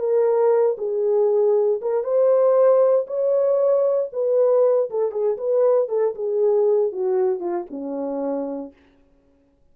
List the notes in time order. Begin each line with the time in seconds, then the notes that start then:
0.00 A#4
0.79 G#4
1.82 A#4
2.04 C5
3.08 C#5
4.13 B4
4.91 A4
5.12 G#4
5.38 B4
5.89 A4
6.16 G#4
6.93 F#4
7.40 F4
7.71 C#4